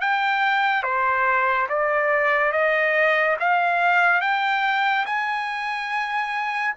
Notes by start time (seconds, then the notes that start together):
0.00 G5
0.83 C5
1.69 D5
2.52 D#5
3.39 F5
4.21 G5
5.05 G#5